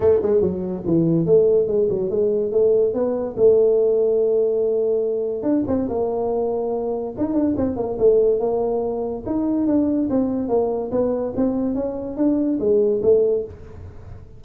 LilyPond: \new Staff \with { instrumentName = "tuba" } { \time 4/4 \tempo 4 = 143 a8 gis8 fis4 e4 a4 | gis8 fis8 gis4 a4 b4 | a1~ | a4 d'8 c'8 ais2~ |
ais4 dis'8 d'8 c'8 ais8 a4 | ais2 dis'4 d'4 | c'4 ais4 b4 c'4 | cis'4 d'4 gis4 a4 | }